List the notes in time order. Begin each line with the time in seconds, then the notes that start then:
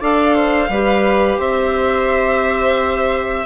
0.00 D4 A4 D5 F5
0.35 C5
0.69 G3 G4 B4
1.38 C4 C5 E5